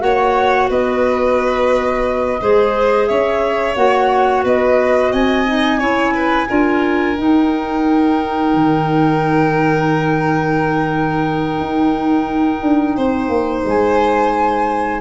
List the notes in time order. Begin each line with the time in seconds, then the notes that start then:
0.00 A#3 F#4 C#5 F#5
0.70 B3 B4 D#5
2.41 G#3 G#4 C5
3.07 C#4 C#5 E5
3.76 A#3 F#4 F#5
4.45 B3 B4 D#5
5.13 C4 D#5 G#5
5.47 D#4
5.80 C#4 E4 C#5
6.14 B4
6.48 D4 F4 A#4
7.18 D#4 G5
8.55 D#3
11.60 D#4
12.63 D4
12.97 C4 C5
13.29 A#3
13.65 G#3 G#5